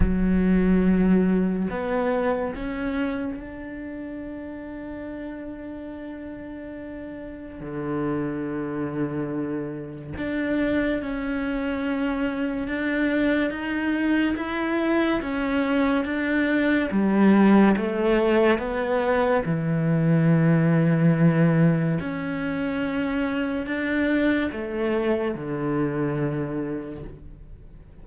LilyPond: \new Staff \with { instrumentName = "cello" } { \time 4/4 \tempo 4 = 71 fis2 b4 cis'4 | d'1~ | d'4 d2. | d'4 cis'2 d'4 |
dis'4 e'4 cis'4 d'4 | g4 a4 b4 e4~ | e2 cis'2 | d'4 a4 d2 | }